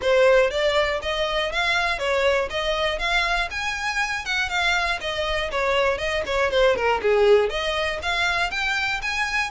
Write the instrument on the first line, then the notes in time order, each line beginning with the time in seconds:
violin
0.01 C5
0.50 D5
1.02 D#5
1.52 F5
1.99 C#5
2.50 D#5
2.98 F5
3.50 G#5
4.25 F#5
4.49 F5
5.00 D#5
5.51 C#5
5.97 D#5
6.25 C#5
6.50 C5
6.75 A#4
7.01 G#4
7.49 D#5
8.02 F5
8.50 G5
9.01 G#5